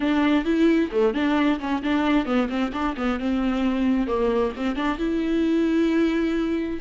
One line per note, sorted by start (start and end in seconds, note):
0.00 0.44 D4
0.44 0.90 E4
0.91 1.13 A3
1.13 1.59 D4
1.59 1.82 C#4
1.82 2.25 D4
2.25 2.48 B3
2.49 2.71 C4
2.72 2.95 D4
2.96 3.19 B3
3.19 4.07 C4
4.07 4.52 A#3
4.56 4.75 C4
4.75 4.98 D4
4.98 6.79 E4